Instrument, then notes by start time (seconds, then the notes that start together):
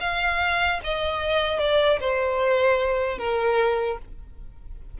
violin
0.00 F5
0.84 D#5
1.59 D5
2.00 C5
3.18 A#4